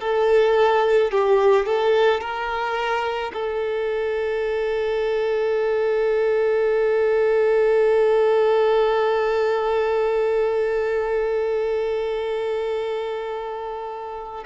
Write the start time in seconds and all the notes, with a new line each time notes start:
0.00 A4
1.11 G4
1.66 A4
2.21 A#4
3.33 A4